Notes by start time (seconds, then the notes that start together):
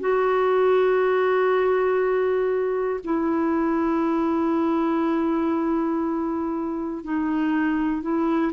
0.00 F#4
3.04 E4
7.04 D#4
8.02 E4